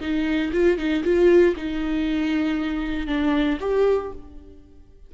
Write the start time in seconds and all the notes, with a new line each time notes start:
0.00 D#4
0.53 F4
0.78 D#4
1.04 F4
1.56 D#4
3.07 D4
3.60 G4